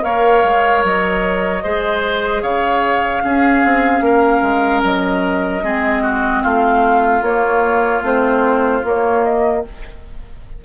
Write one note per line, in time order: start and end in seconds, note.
0.00 0.43 A#3
0.00 1.60 A#4
0.00 1.63 C#5
0.00 0.83 F5
0.43 0.83 G#3
0.84 1.64 F#3
0.84 2.42 D#5
1.63 2.42 G#3
1.63 3.22 G#4
1.63 2.42 C5
2.42 3.22 C#3
2.42 3.22 C#5
2.42 4.82 F5
3.22 5.62 C#4
3.22 3.64 C#4
3.22 4.04 G#4
3.64 4.00 C4
4.00 4.40 A#3
4.00 5.63 A#4
4.42 4.82 G#3
4.83 5.62 F#3
4.83 6.43 D#5
5.62 6.43 G#3
5.62 7.22 C4
5.62 6.02 G#4
6.02 6.42 F#4
6.43 7.21 A3
6.43 9.62 F4
6.43 7.23 F5
7.21 8.01 A#3
7.21 8.03 A#3
7.21 8.03 C#5
8.02 8.82 A3
8.02 8.83 C4
8.02 8.85 C5
8.83 9.63 A#3
8.83 9.24 C#5
9.24 9.64 D#5